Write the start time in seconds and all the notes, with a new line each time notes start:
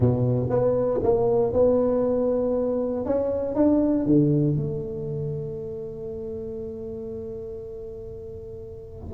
0.00 B2
0.49 B3
1.03 A#3
1.53 B3
3.05 C#4
3.55 D4
4.06 D3
4.56 A3